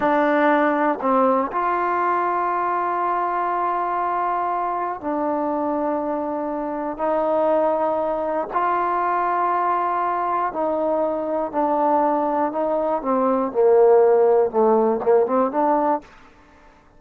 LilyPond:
\new Staff \with { instrumentName = "trombone" } { \time 4/4 \tempo 4 = 120 d'2 c'4 f'4~ | f'1~ | f'2 d'2~ | d'2 dis'2~ |
dis'4 f'2.~ | f'4 dis'2 d'4~ | d'4 dis'4 c'4 ais4~ | ais4 a4 ais8 c'8 d'4 | }